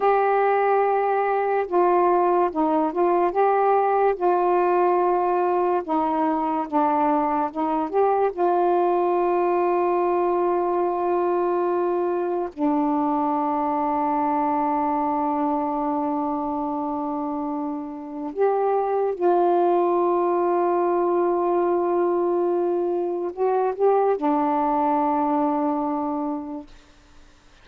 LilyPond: \new Staff \with { instrumentName = "saxophone" } { \time 4/4 \tempo 4 = 72 g'2 f'4 dis'8 f'8 | g'4 f'2 dis'4 | d'4 dis'8 g'8 f'2~ | f'2. d'4~ |
d'1~ | d'2 g'4 f'4~ | f'1 | fis'8 g'8 d'2. | }